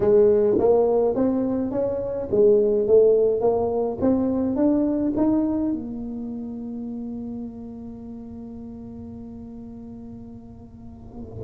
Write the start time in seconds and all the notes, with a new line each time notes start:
0.00 G#3
0.58 A#3
1.15 C4
1.71 C#4
2.31 G#3
2.87 A3
3.41 A#3
4.01 C4
4.56 D4
5.16 D#4
5.72 A#3